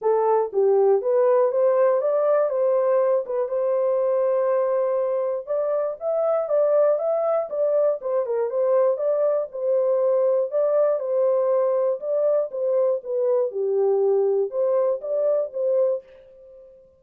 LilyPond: \new Staff \with { instrumentName = "horn" } { \time 4/4 \tempo 4 = 120 a'4 g'4 b'4 c''4 | d''4 c''4. b'8 c''4~ | c''2. d''4 | e''4 d''4 e''4 d''4 |
c''8 ais'8 c''4 d''4 c''4~ | c''4 d''4 c''2 | d''4 c''4 b'4 g'4~ | g'4 c''4 d''4 c''4 | }